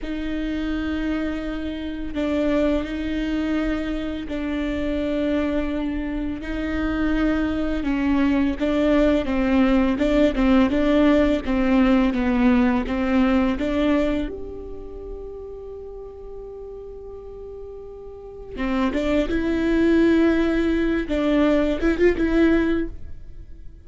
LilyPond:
\new Staff \with { instrumentName = "viola" } { \time 4/4 \tempo 4 = 84 dis'2. d'4 | dis'2 d'2~ | d'4 dis'2 cis'4 | d'4 c'4 d'8 c'8 d'4 |
c'4 b4 c'4 d'4 | g'1~ | g'2 c'8 d'8 e'4~ | e'4. d'4 e'16 f'16 e'4 | }